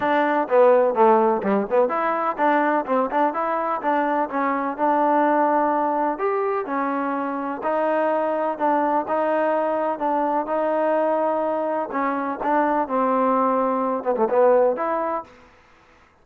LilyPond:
\new Staff \with { instrumentName = "trombone" } { \time 4/4 \tempo 4 = 126 d'4 b4 a4 g8 b8 | e'4 d'4 c'8 d'8 e'4 | d'4 cis'4 d'2~ | d'4 g'4 cis'2 |
dis'2 d'4 dis'4~ | dis'4 d'4 dis'2~ | dis'4 cis'4 d'4 c'4~ | c'4. b16 a16 b4 e'4 | }